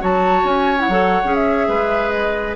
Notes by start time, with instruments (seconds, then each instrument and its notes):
0.00 bassoon F#3, clarinet F#4, oboe C#5, flute A5
0.44 bassoon C#4, flute G#5
0.79 clarinet E4, flute F#5
0.89 bassoon F#3, clarinet A4
1.24 bassoon C#4, clarinet G#4
1.35 flute E5
1.68 bassoon G#3, oboe B4
2.10 flute D#5